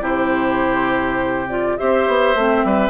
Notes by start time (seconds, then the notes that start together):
0.00 C3 E4 G4 C5
1.48 F4 D5
1.77 C4 G4 C5 E5
2.07 B3
2.34 A3 C4
2.64 G3 B4